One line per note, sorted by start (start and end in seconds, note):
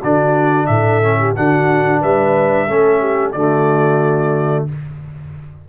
0.00 0.68 D3
0.00 1.01 D4
0.00 0.67 F#4
0.00 0.66 D5
0.66 1.34 A2
0.66 1.18 A4
0.66 1.32 E5
1.01 1.35 C#4
1.19 1.35 G4
1.35 2.03 D3
1.35 2.68 D4
1.35 2.00 F#4
1.35 2.02 F#5
2.00 2.69 G3
2.00 2.67 B4
2.00 3.32 E5
2.67 3.34 A3
2.67 3.34 C#4
2.67 3.00 A4
3.00 3.33 G4
3.32 4.67 D3
3.32 4.68 A3
3.32 4.67 F#4
3.32 4.65 D5